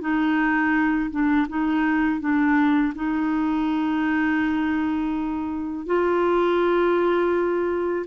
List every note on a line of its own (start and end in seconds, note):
0.00 1.10 D#4
1.10 1.47 D4
1.48 2.20 D#4
2.20 2.93 D4
2.95 5.86 D#4
5.86 8.05 F4